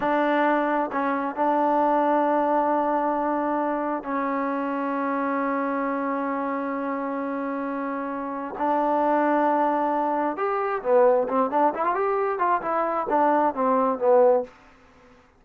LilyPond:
\new Staff \with { instrumentName = "trombone" } { \time 4/4 \tempo 4 = 133 d'2 cis'4 d'4~ | d'1~ | d'4 cis'2.~ | cis'1~ |
cis'2. d'4~ | d'2. g'4 | b4 c'8 d'8 e'16 f'16 g'4 f'8 | e'4 d'4 c'4 b4 | }